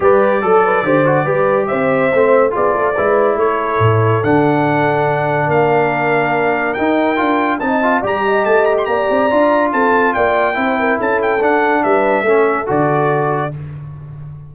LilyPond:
<<
  \new Staff \with { instrumentName = "trumpet" } { \time 4/4 \tempo 4 = 142 d''1 | e''2 d''2 | cis''2 fis''2~ | fis''4 f''2. |
g''2 a''4 ais''4 | a''8 ais''16 c'''16 ais''2 a''4 | g''2 a''8 g''8 fis''4 | e''2 d''2 | }
  \new Staff \with { instrumentName = "horn" } { \time 4/4 b'4 a'8 b'8 c''4 b'4 | c''2 gis'8 a'8 b'4 | a'1~ | a'4 ais'2.~ |
ais'2 dis''4 d''8 dis''8~ | dis''4 d''2 a'4 | d''4 c''8 ais'8 a'2 | b'4 a'2. | }
  \new Staff \with { instrumentName = "trombone" } { \time 4/4 g'4 a'4 g'8 fis'8 g'4~ | g'4 c'4 f'4 e'4~ | e'2 d'2~ | d'1 |
dis'4 f'4 dis'8 f'8 g'4~ | g'2 f'2~ | f'4 e'2 d'4~ | d'4 cis'4 fis'2 | }
  \new Staff \with { instrumentName = "tuba" } { \time 4/4 g4 fis4 d4 g4 | c'4 a4 b8 a8 gis4 | a4 a,4 d2~ | d4 ais2. |
dis'4 d'4 c'4 g4 | a4 ais8 c'8 d'4 c'4 | ais4 c'4 cis'4 d'4 | g4 a4 d2 | }
>>